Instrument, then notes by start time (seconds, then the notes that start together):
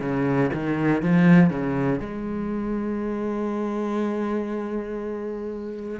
cello
0.00 C#3
0.54 D#3
1.02 F3
1.50 C#3
2.00 G#3